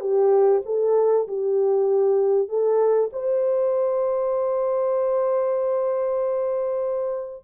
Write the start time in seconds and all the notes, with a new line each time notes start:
0.00 G4
0.66 A4
1.28 G4
2.49 A4
3.13 C5